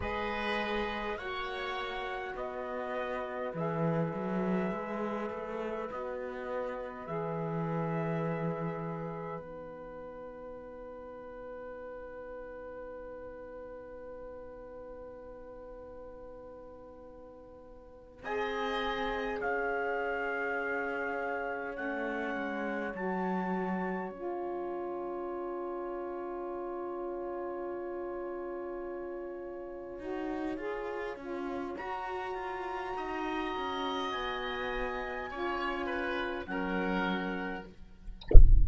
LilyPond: <<
  \new Staff \with { instrumentName = "trumpet" } { \time 4/4 \tempo 4 = 51 dis''4 fis''4 dis''4 e''4~ | e''4 dis''4 e''2 | fis''1~ | fis''2.~ fis''8 gis''8~ |
gis''8 f''2 fis''4 a''8~ | a''8 gis''2.~ gis''8~ | gis''2. ais''4~ | ais''4 gis''2 fis''4 | }
  \new Staff \with { instrumentName = "oboe" } { \time 4/4 b'4 cis''4 b'2~ | b'1~ | b'1~ | b'2.~ b'8 dis''8~ |
dis''8 cis''2.~ cis''8~ | cis''1~ | cis''1 | dis''2 cis''8 b'8 ais'4 | }
  \new Staff \with { instrumentName = "saxophone" } { \time 4/4 gis'4 fis'2 gis'4~ | gis'4 fis'4 gis'2 | dis'1~ | dis'2.~ dis'8 gis'8~ |
gis'2~ gis'8 cis'4 fis'8~ | fis'8 f'2.~ f'8~ | f'4. fis'8 gis'8 f'8 fis'4~ | fis'2 f'4 cis'4 | }
  \new Staff \with { instrumentName = "cello" } { \time 4/4 gis4 ais4 b4 e8 fis8 | gis8 a8 b4 e2 | b1~ | b2.~ b8 c'8~ |
c'8 cis'2 a8 gis8 fis8~ | fis8 cis'2.~ cis'8~ | cis'4. dis'8 f'8 cis'8 fis'8 f'8 | dis'8 cis'8 b4 cis'4 fis4 | }
>>